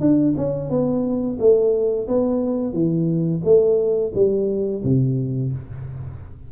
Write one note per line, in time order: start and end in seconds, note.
0.00 0.34 D4
0.37 0.70 C#4
0.70 1.38 B3
1.39 2.08 A3
2.08 2.73 B3
2.73 3.41 E3
3.44 4.12 A3
4.15 4.83 G3
4.84 5.52 C3